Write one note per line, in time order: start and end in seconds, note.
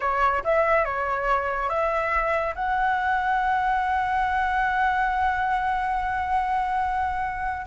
0.00 0.43 C#5
0.44 0.84 E5
0.84 1.69 C#5
1.69 2.54 E5
2.55 7.65 F#5